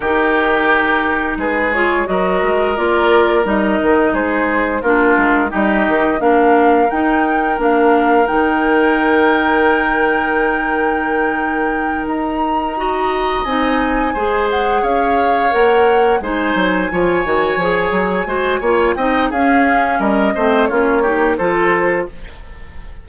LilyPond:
<<
  \new Staff \with { instrumentName = "flute" } { \time 4/4 \tempo 4 = 87 ais'2 b'8 cis''8 dis''4 | d''4 dis''4 c''4 ais'4 | dis''4 f''4 g''4 f''4 | g''1~ |
g''4. ais''2 gis''8~ | gis''4 fis''8 f''4 fis''4 gis''8~ | gis''2.~ gis''8 g''8 | f''4 dis''4 cis''4 c''4 | }
  \new Staff \with { instrumentName = "oboe" } { \time 4/4 g'2 gis'4 ais'4~ | ais'2 gis'4 f'4 | g'4 ais'2.~ | ais'1~ |
ais'2~ ais'8 dis''4.~ | dis''8 c''4 cis''2 c''8~ | c''8 cis''2 c''8 cis''8 dis''8 | gis'4 ais'8 c''8 f'8 g'8 a'4 | }
  \new Staff \with { instrumentName = "clarinet" } { \time 4/4 dis'2~ dis'8 f'8 fis'4 | f'4 dis'2 d'4 | dis'4 d'4 dis'4 d'4 | dis'1~ |
dis'2~ dis'8 fis'4 dis'8~ | dis'8 gis'2 ais'4 dis'8~ | dis'8 f'8 fis'8 gis'4 fis'8 f'8 dis'8 | cis'4. c'8 cis'8 dis'8 f'4 | }
  \new Staff \with { instrumentName = "bassoon" } { \time 4/4 dis2 gis4 fis8 gis8 | ais4 g8 dis8 gis4 ais8 gis8 | g8 dis8 ais4 dis'4 ais4 | dis1~ |
dis4. dis'2 c'8~ | c'8 gis4 cis'4 ais4 gis8 | fis8 f8 dis8 f8 fis8 gis8 ais8 c'8 | cis'4 g8 a8 ais4 f4 | }
>>